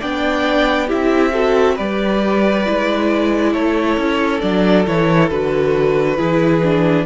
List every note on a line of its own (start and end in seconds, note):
0.00 0.92 B3
0.00 0.88 D4
0.00 0.87 D5
0.00 0.90 G5
0.87 1.79 C4
0.87 1.32 E4
0.87 1.31 G4
0.87 1.78 E5
1.33 1.77 F#4
1.33 1.75 A4
1.75 2.67 G3
1.75 2.66 G4
1.75 3.52 B4
1.75 3.53 D5
2.66 3.55 G#3
2.66 4.42 E4
3.53 3.97 A3
3.53 6.17 A4
3.53 4.41 C#5
3.97 4.41 C#4
4.41 4.87 F#3
4.41 4.86 D4
4.41 4.85 D5
4.86 5.31 E3
4.86 5.30 E4
4.86 5.30 C#5
5.30 6.19 D3
5.30 6.17 F#4
5.30 7.06 B4
6.17 7.06 E3
6.17 6.61 E4
6.17 7.06 G#4
6.63 7.06 D4